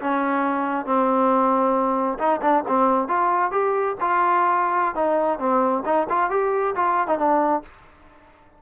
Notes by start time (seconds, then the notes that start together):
0.00 C#4
0.86 C4
2.18 D#4
2.41 D4
2.68 C4
3.08 F4
3.51 G4
4.01 F4
4.95 D#4
5.39 C4
5.85 D#4
6.09 F4
6.30 G4
6.75 F4
7.07 D#4
7.18 D4